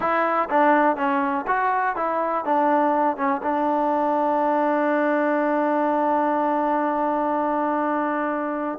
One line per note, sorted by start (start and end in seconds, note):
0.00 0.49 E4
0.49 0.96 D4
0.96 1.45 C#4
1.47 1.96 F#4
1.96 2.44 E4
2.45 3.16 D4
3.16 3.41 C#4
3.42 8.78 D4